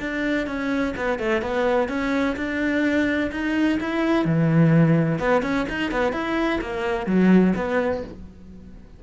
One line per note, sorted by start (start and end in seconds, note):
0.00 0.47 D4
0.47 0.95 C#4
0.97 1.19 B3
1.19 1.42 A3
1.42 1.89 B3
1.89 2.36 C#4
2.37 3.31 D4
3.32 3.79 D#4
3.81 4.25 E4
4.25 5.19 E3
5.19 5.43 B3
5.43 5.66 C#4
5.69 5.92 D#4
5.92 6.13 B3
6.13 6.60 E4
6.61 7.07 A#3
7.07 7.54 F#3
7.56 8.03 B3